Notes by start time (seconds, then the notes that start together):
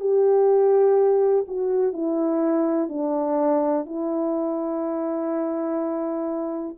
0.00 G4
1.48 F#4
1.93 E4
2.89 D4
3.86 E4